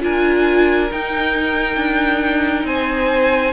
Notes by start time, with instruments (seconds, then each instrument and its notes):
0.00 cello D4, viola F4, violin A#4 G#5
0.91 cello D#4, viola D#4, violin G5
1.76 cello D4
2.64 cello C4, violin C5 G#5